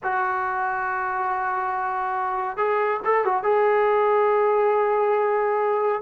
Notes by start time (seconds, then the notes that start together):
0.03 F#4
2.57 G#4
3.04 A4
3.25 F#4
3.43 G#4